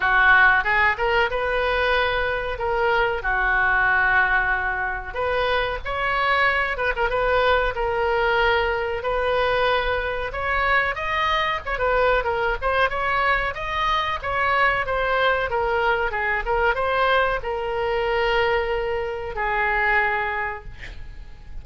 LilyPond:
\new Staff \with { instrumentName = "oboe" } { \time 4/4 \tempo 4 = 93 fis'4 gis'8 ais'8 b'2 | ais'4 fis'2. | b'4 cis''4. b'16 ais'16 b'4 | ais'2 b'2 |
cis''4 dis''4 cis''16 b'8. ais'8 c''8 | cis''4 dis''4 cis''4 c''4 | ais'4 gis'8 ais'8 c''4 ais'4~ | ais'2 gis'2 | }